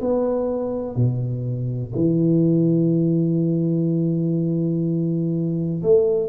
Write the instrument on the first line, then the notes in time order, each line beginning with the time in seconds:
tuba
0.00 B3
0.95 B2
1.95 E3
5.82 A3